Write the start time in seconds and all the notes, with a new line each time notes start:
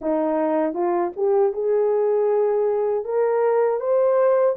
0.01 D#4
0.73 F4
1.16 G4
1.53 G#4
3.04 A#4
3.80 C5